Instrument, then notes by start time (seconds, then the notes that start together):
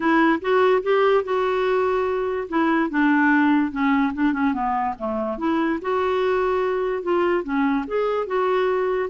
clarinet
0.00 E4
0.41 F#4
0.82 G4
1.23 F#4
2.48 E4
2.90 D4
3.71 C#4
4.13 D4
4.33 C#4
4.53 B3
4.98 A3
5.38 E4
5.81 F#4
7.02 F4
7.43 C#4
7.87 G#4
8.26 F#4